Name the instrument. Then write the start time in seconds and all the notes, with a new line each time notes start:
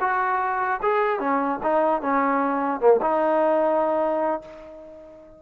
trombone
0.00 F#4
0.82 G#4
1.19 C#4
1.62 D#4
2.01 C#4
2.80 A#3
3.01 D#4